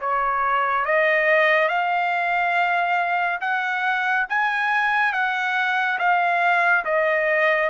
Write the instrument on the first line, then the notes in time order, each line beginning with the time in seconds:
trumpet
0.00 C#5
0.85 D#5
1.68 F5
3.41 F#5
4.29 G#5
5.13 F#5
5.98 F5
6.85 D#5